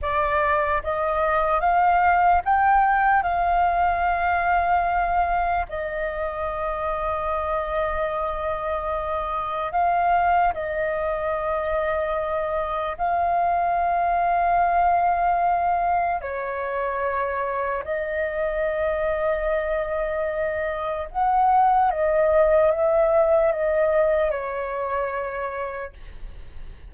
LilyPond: \new Staff \with { instrumentName = "flute" } { \time 4/4 \tempo 4 = 74 d''4 dis''4 f''4 g''4 | f''2. dis''4~ | dis''1 | f''4 dis''2. |
f''1 | cis''2 dis''2~ | dis''2 fis''4 dis''4 | e''4 dis''4 cis''2 | }